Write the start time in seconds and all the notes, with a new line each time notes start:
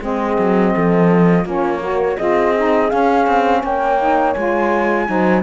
0.00 G#3 C4 G#4 D#5
0.39 F#3
0.74 F3 A4
1.45 A#3 C#4 F4 C#5
1.81 F#4 A#4
2.17 C4 F4 G#4 D#5
2.57 D#4
2.90 C#4 F5
3.27 C4
3.63 A#3 C#5 G5
4.00 D#4
4.33 G#3 F4 G#5
5.07 F#3 D#4 C5